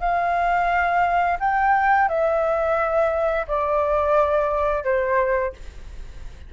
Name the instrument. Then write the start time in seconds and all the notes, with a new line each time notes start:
flute
0.00 F5
1.39 G5
2.08 E5
3.48 D5
4.84 C5